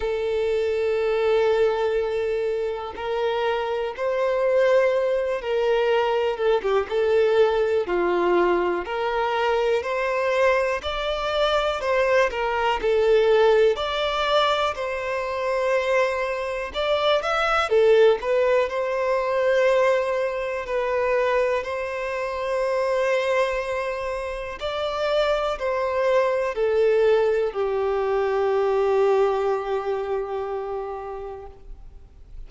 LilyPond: \new Staff \with { instrumentName = "violin" } { \time 4/4 \tempo 4 = 61 a'2. ais'4 | c''4. ais'4 a'16 g'16 a'4 | f'4 ais'4 c''4 d''4 | c''8 ais'8 a'4 d''4 c''4~ |
c''4 d''8 e''8 a'8 b'8 c''4~ | c''4 b'4 c''2~ | c''4 d''4 c''4 a'4 | g'1 | }